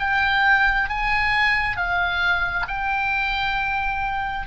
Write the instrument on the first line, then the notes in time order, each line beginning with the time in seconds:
oboe
0.00 G5
0.90 G#5
1.77 F5
2.68 G5